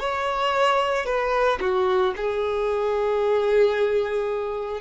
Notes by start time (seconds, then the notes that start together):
0.00 C#5
1.06 B4
1.60 F#4
2.17 G#4